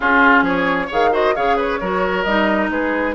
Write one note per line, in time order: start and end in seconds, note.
0.00 0.88 C#4
0.00 0.42 C#4
0.00 0.44 F4
0.00 0.46 G#4
0.42 0.87 F3
0.42 0.86 G#4
0.42 0.91 C#5
0.86 1.36 D#3
0.86 1.11 G#4
0.86 1.09 C#5
0.86 1.14 F5
1.11 1.34 F#4
1.11 1.34 C5
1.11 1.35 D#5
1.35 1.80 C#3
1.35 1.80 G#4
1.35 1.56 C#5
1.35 1.58 F5
1.56 1.79 B4
1.56 2.23 C#5
1.80 2.25 F#3
1.80 2.26 F#4
1.80 2.70 A#4
2.23 2.70 G3
2.23 3.15 D#4
2.23 2.68 D#5
2.70 3.15 G#3
2.70 3.15 G#4
2.70 3.15 B4